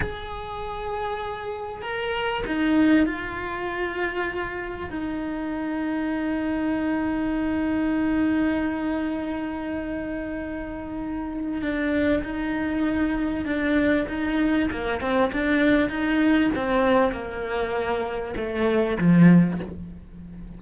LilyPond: \new Staff \with { instrumentName = "cello" } { \time 4/4 \tempo 4 = 98 gis'2. ais'4 | dis'4 f'2. | dis'1~ | dis'1~ |
dis'2. d'4 | dis'2 d'4 dis'4 | ais8 c'8 d'4 dis'4 c'4 | ais2 a4 f4 | }